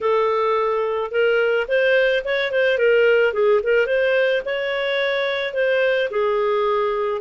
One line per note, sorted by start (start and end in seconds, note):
0.00 1.11 A4
1.11 1.66 A#4
1.68 2.23 C5
2.24 2.51 C#5
2.51 2.78 C5
2.78 3.33 A#4
3.33 3.61 G#4
3.63 3.86 A#4
3.86 4.41 C5
4.45 5.53 C#5
5.53 6.09 C5
6.10 7.21 G#4